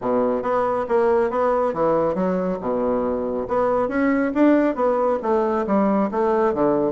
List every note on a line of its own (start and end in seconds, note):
0.01 0.42 B2
0.42 0.85 B3
0.88 1.30 A#3
1.30 1.73 B3
1.73 2.14 E3
2.14 2.58 F#3
2.60 3.47 B2
3.48 3.88 B3
3.88 4.32 C#4
4.34 4.75 D4
4.75 5.18 B3
5.22 5.65 A3
5.66 6.10 G3
6.11 6.54 A3
6.54 6.92 D3